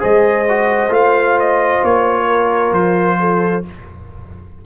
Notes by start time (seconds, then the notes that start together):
0.00 G#3 G#4 C5 D#5
0.49 F#4
0.89 A3 F4 F5
1.40 D#5
1.83 A#3 C#5
2.27 A#4
2.72 F3 C5
3.20 A4